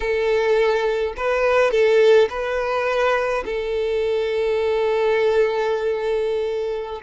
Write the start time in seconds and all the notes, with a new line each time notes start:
0.00 A4
1.17 B4
1.71 A4
2.29 B4
3.45 A4